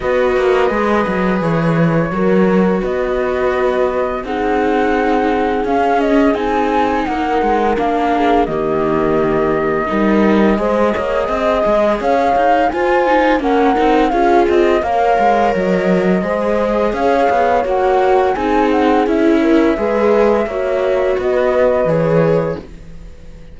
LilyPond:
<<
  \new Staff \with { instrumentName = "flute" } { \time 4/4 \tempo 4 = 85 dis''2 cis''2 | dis''2 fis''2 | f''8 dis''8 gis''4 fis''4 f''4 | dis''1~ |
dis''4 f''4 gis''4 fis''4 | f''8 dis''8 f''4 dis''2 | f''4 fis''4 gis''8 fis''8 e''4~ | e''2 dis''4 cis''4 | }
  \new Staff \with { instrumentName = "horn" } { \time 4/4 b'2. ais'4 | b'2 gis'2~ | gis'2 ais'4. gis'8 | g'2 ais'4 c''8 cis''8 |
dis''4 cis''4 c''4 ais'4 | gis'4 cis''2 c''4 | cis''2 gis'4. ais'8 | b'4 cis''4 b'2 | }
  \new Staff \with { instrumentName = "viola" } { \time 4/4 fis'4 gis'2 fis'4~ | fis'2 dis'2 | cis'4 dis'2 d'4 | ais2 dis'4 gis'4~ |
gis'2 f'8 dis'8 cis'8 dis'8 | f'4 ais'2 gis'4~ | gis'4 fis'4 dis'4 e'4 | gis'4 fis'2 gis'4 | }
  \new Staff \with { instrumentName = "cello" } { \time 4/4 b8 ais8 gis8 fis8 e4 fis4 | b2 c'2 | cis'4 c'4 ais8 gis8 ais4 | dis2 g4 gis8 ais8 |
c'8 gis8 cis'8 dis'8 f'4 ais8 c'8 | cis'8 c'8 ais8 gis8 fis4 gis4 | cis'8 b8 ais4 c'4 cis'4 | gis4 ais4 b4 e4 | }
>>